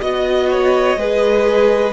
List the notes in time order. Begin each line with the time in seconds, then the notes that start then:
0.00 B3 F#4 D#5
0.50 C#5
0.96 G#3 G#4 B4